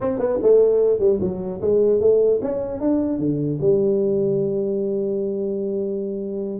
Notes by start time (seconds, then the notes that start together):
0.00 C4
0.18 B3
0.42 A3
0.99 G3
1.20 F#3
1.61 G#3
2.00 A3
2.42 C#4
2.80 D4
3.19 D3
3.61 G3